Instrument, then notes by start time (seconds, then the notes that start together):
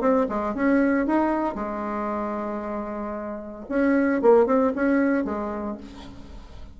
bassoon
0.00 C4
0.28 G#3
0.54 C#4
1.06 D#4
1.55 G#3
3.69 C#4
4.22 A#3
4.46 C4
4.75 C#4
5.24 G#3